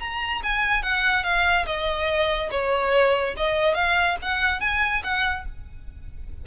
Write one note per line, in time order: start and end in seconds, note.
0.00 0.42 A#5
0.43 0.83 G#5
0.83 1.24 F#5
1.24 1.66 F5
1.66 2.50 D#5
2.51 3.35 C#5
3.37 3.75 D#5
3.75 4.17 F5
4.22 4.61 F#5
4.61 5.03 G#5
5.04 5.46 F#5